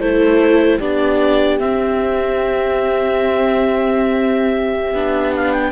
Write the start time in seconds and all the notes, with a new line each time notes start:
0.00 A3 E4 A4 C5
0.79 B3 D4 G4 D5
1.60 C4 E5
4.94 B3 D4
5.36 F5
5.52 G5